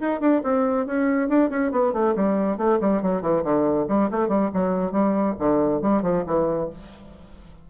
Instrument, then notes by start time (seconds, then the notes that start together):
bassoon
0.00 D#4
0.20 D4
0.43 C4
0.86 C#4
1.28 D4
1.49 C#4
1.71 B3
1.92 A3
2.15 G3
2.57 A3
2.80 G3
3.02 F#3
3.21 E3
3.43 D3
3.88 G3
4.11 A3
4.28 G3
4.53 F#3
4.91 G3
5.38 D3
5.81 G3
6.02 F3
6.26 E3